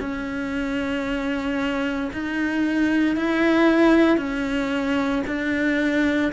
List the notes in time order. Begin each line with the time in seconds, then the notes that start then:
0.00 C#4
2.13 D#4
3.16 E4
4.18 C#4
5.27 D4